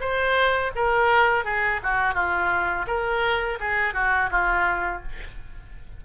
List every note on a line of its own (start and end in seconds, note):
0.00 0.71 C5
0.75 1.44 A#4
1.44 1.80 G#4
1.83 2.14 F#4
2.14 2.86 F4
2.87 3.58 A#4
3.60 3.94 G#4
3.94 4.30 F#4
4.31 5.02 F4